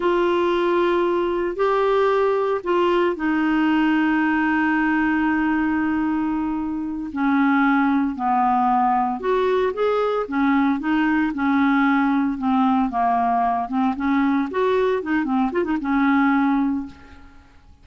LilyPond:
\new Staff \with { instrumentName = "clarinet" } { \time 4/4 \tempo 4 = 114 f'2. g'4~ | g'4 f'4 dis'2~ | dis'1~ | dis'4. cis'2 b8~ |
b4. fis'4 gis'4 cis'8~ | cis'8 dis'4 cis'2 c'8~ | c'8 ais4. c'8 cis'4 fis'8~ | fis'8 dis'8 c'8 f'16 dis'16 cis'2 | }